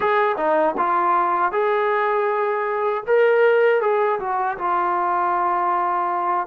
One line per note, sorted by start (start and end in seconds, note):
0.00 0.36 G#4
0.37 0.75 D#4
0.77 1.52 F4
1.52 3.03 G#4
3.06 3.81 A#4
3.81 4.19 G#4
4.19 4.57 F#4
4.57 6.47 F4